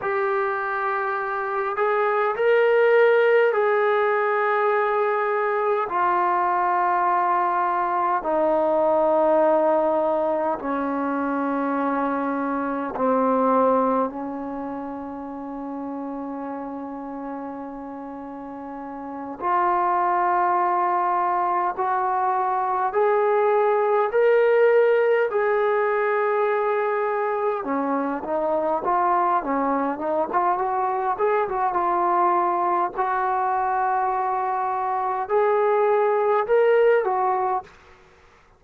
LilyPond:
\new Staff \with { instrumentName = "trombone" } { \time 4/4 \tempo 4 = 51 g'4. gis'8 ais'4 gis'4~ | gis'4 f'2 dis'4~ | dis'4 cis'2 c'4 | cis'1~ |
cis'8 f'2 fis'4 gis'8~ | gis'8 ais'4 gis'2 cis'8 | dis'8 f'8 cis'8 dis'16 f'16 fis'8 gis'16 fis'16 f'4 | fis'2 gis'4 ais'8 fis'8 | }